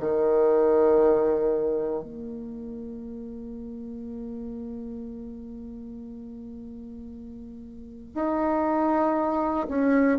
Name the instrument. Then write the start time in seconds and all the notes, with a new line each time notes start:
bassoon
0.00 D#3
2.03 A#3
8.14 D#4
9.68 C#4